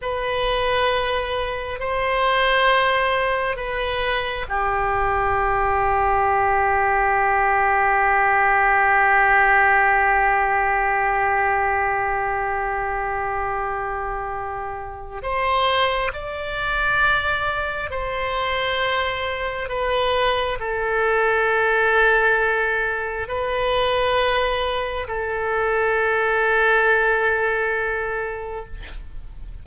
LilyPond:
\new Staff \with { instrumentName = "oboe" } { \time 4/4 \tempo 4 = 67 b'2 c''2 | b'4 g'2.~ | g'1~ | g'1~ |
g'4 c''4 d''2 | c''2 b'4 a'4~ | a'2 b'2 | a'1 | }